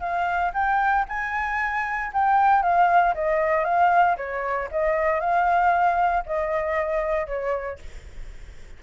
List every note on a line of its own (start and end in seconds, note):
0.00 0.52 F5
0.53 1.05 G5
1.08 2.12 G#5
2.13 2.62 G5
2.62 3.14 F5
3.14 3.64 D#5
3.64 4.16 F5
4.17 4.69 C#5
4.71 5.20 D#5
5.20 6.24 F5
6.26 7.27 D#5
7.27 7.78 C#5